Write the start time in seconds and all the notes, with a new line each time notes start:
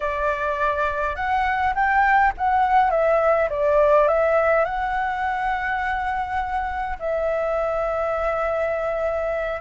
0.00 D5
1.15 F#5
1.74 G5
2.37 F#5
2.90 E5
3.49 D5
4.08 E5
4.64 F#5
6.99 E5